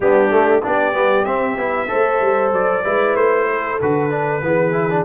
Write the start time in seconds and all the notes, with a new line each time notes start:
0.00 G3 B3 D4 G4
0.29 A3
0.62 B3 D4 G4 D5
0.93 G3 B3
1.24 C4 E5
1.57 B3 E4
1.88 A3 A4 C5
2.20 G3
2.52 F#3 D5
2.84 G#3 E4 B4
3.15 A3 C5
3.49 A4
3.81 D3 F#4 B4
4.09 D4
4.42 E3 B3 G#4
4.72 E4
4.90 D4